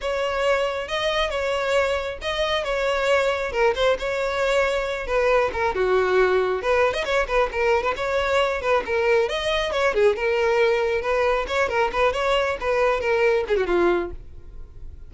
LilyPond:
\new Staff \with { instrumentName = "violin" } { \time 4/4 \tempo 4 = 136 cis''2 dis''4 cis''4~ | cis''4 dis''4 cis''2 | ais'8 c''8 cis''2~ cis''8 b'8~ | b'8 ais'8 fis'2 b'8. dis''16 |
cis''8 b'8 ais'8. b'16 cis''4. b'8 | ais'4 dis''4 cis''8 gis'8 ais'4~ | ais'4 b'4 cis''8 ais'8 b'8 cis''8~ | cis''8 b'4 ais'4 gis'16 fis'16 f'4 | }